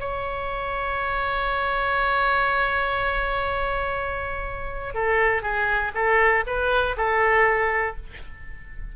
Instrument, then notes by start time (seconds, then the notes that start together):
oboe
0.00 C#5
4.94 A4
5.43 G#4
5.95 A4
6.47 B4
6.97 A4